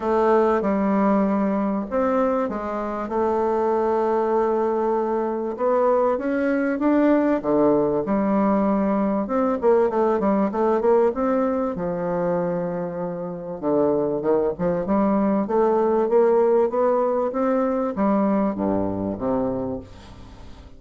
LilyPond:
\new Staff \with { instrumentName = "bassoon" } { \time 4/4 \tempo 4 = 97 a4 g2 c'4 | gis4 a2.~ | a4 b4 cis'4 d'4 | d4 g2 c'8 ais8 |
a8 g8 a8 ais8 c'4 f4~ | f2 d4 dis8 f8 | g4 a4 ais4 b4 | c'4 g4 g,4 c4 | }